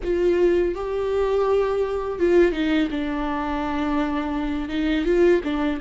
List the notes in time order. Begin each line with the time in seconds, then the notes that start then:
0.03 F4
0.74 G4
2.19 F4
2.52 D#4
2.90 D4
4.69 D#4
5.05 F4
5.43 D4